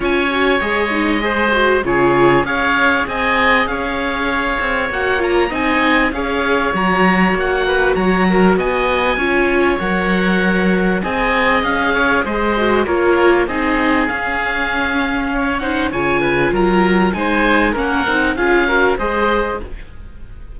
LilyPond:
<<
  \new Staff \with { instrumentName = "oboe" } { \time 4/4 \tempo 4 = 98 gis''4 dis''2 cis''4 | f''4 gis''4 f''2 | fis''8 ais''8 gis''4 f''4 ais''4 | fis''4 ais''4 gis''2 |
fis''2 gis''4 f''4 | dis''4 cis''4 dis''4 f''4~ | f''4. fis''8 gis''4 ais''4 | gis''4 fis''4 f''4 dis''4 | }
  \new Staff \with { instrumentName = "oboe" } { \time 4/4 cis''2 c''4 gis'4 | cis''4 dis''4 cis''2~ | cis''4 dis''4 cis''2~ | cis''8 b'8 cis''8 ais'8 dis''4 cis''4~ |
cis''2 dis''4. cis''8 | c''4 ais'4 gis'2~ | gis'4 cis''8 c''8 cis''8 b'8 ais'4 | c''4 ais'4 gis'8 ais'8 c''4 | }
  \new Staff \with { instrumentName = "viola" } { \time 4/4 f'8 fis'8 gis'8 dis'8 gis'8 fis'8 f'4 | gis'1 | fis'8 f'8 dis'4 gis'4 fis'4~ | fis'2. f'4 |
ais'2 gis'2~ | gis'8 fis'8 f'4 dis'4 cis'4~ | cis'4. dis'8 f'2 | dis'4 cis'8 dis'8 f'8 fis'8 gis'4 | }
  \new Staff \with { instrumentName = "cello" } { \time 4/4 cis'4 gis2 cis4 | cis'4 c'4 cis'4. c'8 | ais4 c'4 cis'4 fis4 | ais4 fis4 b4 cis'4 |
fis2 c'4 cis'4 | gis4 ais4 c'4 cis'4~ | cis'2 cis4 fis4 | gis4 ais8 c'8 cis'4 gis4 | }
>>